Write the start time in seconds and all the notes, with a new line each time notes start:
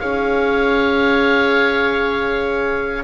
0.00 C#4 G#4 C#5 F5